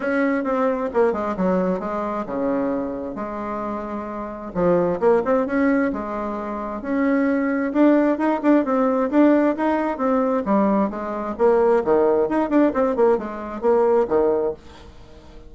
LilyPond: \new Staff \with { instrumentName = "bassoon" } { \time 4/4 \tempo 4 = 132 cis'4 c'4 ais8 gis8 fis4 | gis4 cis2 gis4~ | gis2 f4 ais8 c'8 | cis'4 gis2 cis'4~ |
cis'4 d'4 dis'8 d'8 c'4 | d'4 dis'4 c'4 g4 | gis4 ais4 dis4 dis'8 d'8 | c'8 ais8 gis4 ais4 dis4 | }